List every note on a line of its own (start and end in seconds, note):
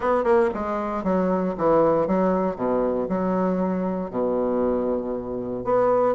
0.00 0.24 B3
0.24 0.49 A#3
0.54 1.03 G#3
1.03 1.55 F#3
1.57 2.07 E3
2.07 2.56 F#3
2.56 3.07 B2
3.08 4.10 F#3
4.10 5.64 B2
5.64 6.15 B3